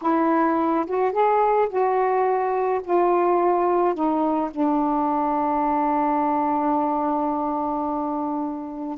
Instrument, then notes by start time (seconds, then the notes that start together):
saxophone
0.01 E4
0.86 F#4
1.12 G#4
1.69 F#4
2.83 F4
3.94 D#4
4.50 D4